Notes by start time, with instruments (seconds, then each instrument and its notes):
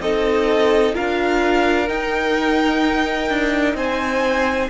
0.00 cello C4, viola D#4, violin A4 D#5
0.94 cello D4, viola F4, violin A#4 F5
1.88 viola D#4, cello D#4, violin G5
3.29 cello D4
3.74 cello C4, violin C5 G#5